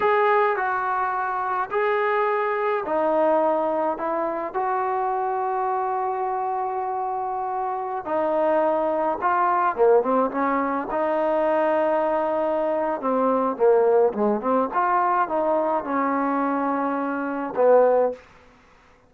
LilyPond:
\new Staff \with { instrumentName = "trombone" } { \time 4/4 \tempo 4 = 106 gis'4 fis'2 gis'4~ | gis'4 dis'2 e'4 | fis'1~ | fis'2~ fis'16 dis'4.~ dis'16~ |
dis'16 f'4 ais8 c'8 cis'4 dis'8.~ | dis'2. c'4 | ais4 gis8 c'8 f'4 dis'4 | cis'2. b4 | }